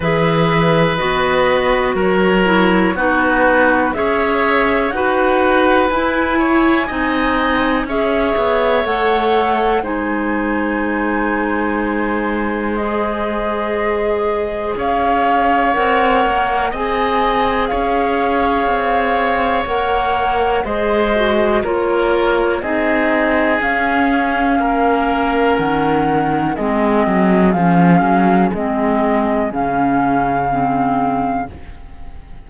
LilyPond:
<<
  \new Staff \with { instrumentName = "flute" } { \time 4/4 \tempo 4 = 61 e''4 dis''4 cis''4 b'4 | e''4 fis''4 gis''2 | e''4 fis''4 gis''2~ | gis''4 dis''2 f''4 |
fis''4 gis''4 f''2 | fis''4 dis''4 cis''4 dis''4 | f''2 fis''4 dis''4 | f''4 dis''4 f''2 | }
  \new Staff \with { instrumentName = "oboe" } { \time 4/4 b'2 ais'4 fis'4 | cis''4 b'4. cis''8 dis''4 | cis''2 c''2~ | c''2. cis''4~ |
cis''4 dis''4 cis''2~ | cis''4 c''4 ais'4 gis'4~ | gis'4 ais'2 gis'4~ | gis'1 | }
  \new Staff \with { instrumentName = "clarinet" } { \time 4/4 gis'4 fis'4. e'8 dis'4 | gis'4 fis'4 e'4 dis'4 | gis'4 a'4 dis'2~ | dis'4 gis'2. |
ais'4 gis'2. | ais'4 gis'8 fis'8 f'4 dis'4 | cis'2. c'4 | cis'4 c'4 cis'4 c'4 | }
  \new Staff \with { instrumentName = "cello" } { \time 4/4 e4 b4 fis4 b4 | cis'4 dis'4 e'4 c'4 | cis'8 b8 a4 gis2~ | gis2. cis'4 |
c'8 ais8 c'4 cis'4 c'4 | ais4 gis4 ais4 c'4 | cis'4 ais4 dis4 gis8 fis8 | f8 fis8 gis4 cis2 | }
>>